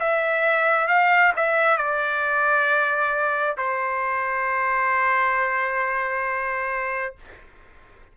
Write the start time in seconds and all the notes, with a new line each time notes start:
0.00 E5
0.88 F5
1.36 E5
1.78 D5
3.57 C5